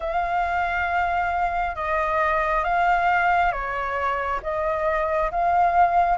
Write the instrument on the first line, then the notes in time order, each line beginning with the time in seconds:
flute
0.00 F5
1.75 D#5
2.64 F5
3.51 C#5
4.42 D#5
5.31 F5